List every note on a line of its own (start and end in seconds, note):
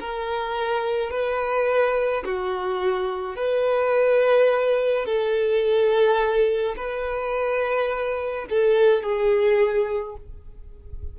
0.00 1.11 A#4
1.11 2.24 B4
2.25 3.36 F#4
3.36 5.06 B4
5.06 6.76 A4
6.77 8.46 B4
8.50 9.03 A4
9.03 10.16 G#4